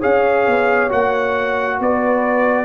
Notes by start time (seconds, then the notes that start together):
0.00 C#4 G#4 C#5 F5
0.46 B3
0.89 A#3 F#4 F#5
1.79 B3 B4 D5